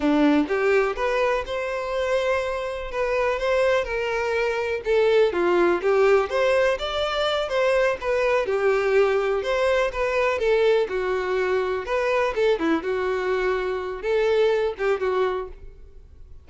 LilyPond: \new Staff \with { instrumentName = "violin" } { \time 4/4 \tempo 4 = 124 d'4 g'4 b'4 c''4~ | c''2 b'4 c''4 | ais'2 a'4 f'4 | g'4 c''4 d''4. c''8~ |
c''8 b'4 g'2 c''8~ | c''8 b'4 a'4 fis'4.~ | fis'8 b'4 a'8 e'8 fis'4.~ | fis'4 a'4. g'8 fis'4 | }